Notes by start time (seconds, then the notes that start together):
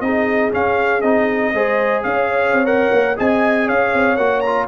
0.00 C4 D#4 G#4 D#5
0.51 C#4 F5
1.01 C4 D#4 D#5
1.53 G#3 G#4 C5
2.03 C#4 C#5 F5
2.52 C4
2.65 A#4 F#5
2.92 A#3
3.16 C4 G#4 D#5 G#5
3.66 C#4 C#5 F5
3.93 C4
4.16 A#3 F#4 F#5
4.40 F4 A#5